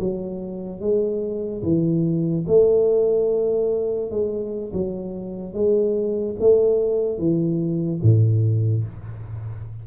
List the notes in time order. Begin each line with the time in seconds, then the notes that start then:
0.00 F#3
0.81 G#3
1.63 E3
2.48 A3
4.11 G#3
4.73 F#3
5.54 G#3
6.40 A3
7.19 E3
8.02 A2